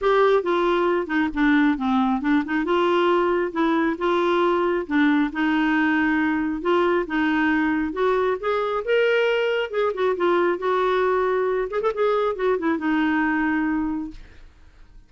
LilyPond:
\new Staff \with { instrumentName = "clarinet" } { \time 4/4 \tempo 4 = 136 g'4 f'4. dis'8 d'4 | c'4 d'8 dis'8 f'2 | e'4 f'2 d'4 | dis'2. f'4 |
dis'2 fis'4 gis'4 | ais'2 gis'8 fis'8 f'4 | fis'2~ fis'8 gis'16 a'16 gis'4 | fis'8 e'8 dis'2. | }